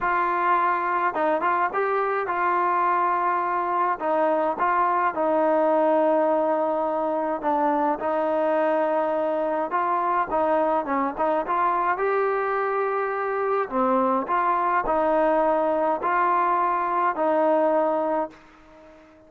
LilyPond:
\new Staff \with { instrumentName = "trombone" } { \time 4/4 \tempo 4 = 105 f'2 dis'8 f'8 g'4 | f'2. dis'4 | f'4 dis'2.~ | dis'4 d'4 dis'2~ |
dis'4 f'4 dis'4 cis'8 dis'8 | f'4 g'2. | c'4 f'4 dis'2 | f'2 dis'2 | }